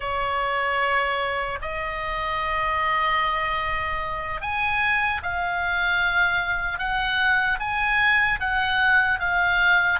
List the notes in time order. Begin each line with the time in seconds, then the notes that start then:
0.00 C#5
1.61 D#5
4.41 G#5
5.23 F5
6.78 F#5
7.59 G#5
8.40 F#5
9.19 F5